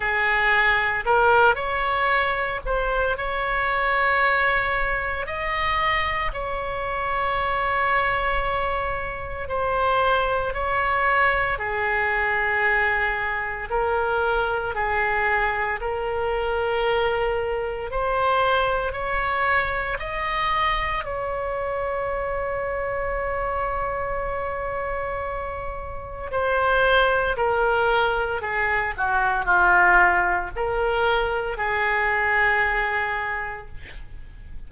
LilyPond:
\new Staff \with { instrumentName = "oboe" } { \time 4/4 \tempo 4 = 57 gis'4 ais'8 cis''4 c''8 cis''4~ | cis''4 dis''4 cis''2~ | cis''4 c''4 cis''4 gis'4~ | gis'4 ais'4 gis'4 ais'4~ |
ais'4 c''4 cis''4 dis''4 | cis''1~ | cis''4 c''4 ais'4 gis'8 fis'8 | f'4 ais'4 gis'2 | }